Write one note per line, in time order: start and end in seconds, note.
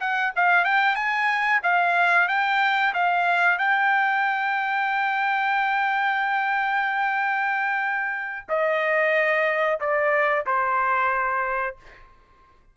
0.00 0.33 F#5
0.36 0.64 F5
0.64 0.95 G5
0.95 1.61 G#5
1.63 2.28 F5
2.28 2.93 G5
2.94 3.58 F5
3.58 8.47 G5
8.49 9.79 D#5
9.80 10.45 D5
10.46 11.76 C5